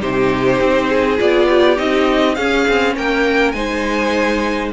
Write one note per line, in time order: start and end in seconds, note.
0.00 0.60 C3
0.00 1.18 D#4
0.00 0.88 G4
0.00 1.19 C5
0.60 1.19 C4
0.88 1.47 G#4
1.18 1.79 B3
1.18 1.76 F4
1.18 1.78 D5
1.48 2.36 G4
1.76 2.37 C4
1.76 2.35 D#4
1.76 2.35 D#5
2.35 2.67 C#4
2.35 3.55 C#4
2.35 2.95 G#4
2.35 2.94 F5
2.68 2.97 C4
2.96 3.53 A#3
2.96 3.55 A#4
2.96 3.51 G5
3.51 4.71 G#3
3.51 4.72 D#4
3.51 4.73 C5
3.51 4.69 G#5